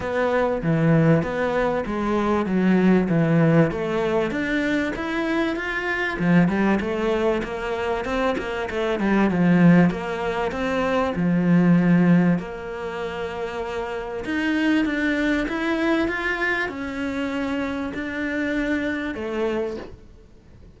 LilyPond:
\new Staff \with { instrumentName = "cello" } { \time 4/4 \tempo 4 = 97 b4 e4 b4 gis4 | fis4 e4 a4 d'4 | e'4 f'4 f8 g8 a4 | ais4 c'8 ais8 a8 g8 f4 |
ais4 c'4 f2 | ais2. dis'4 | d'4 e'4 f'4 cis'4~ | cis'4 d'2 a4 | }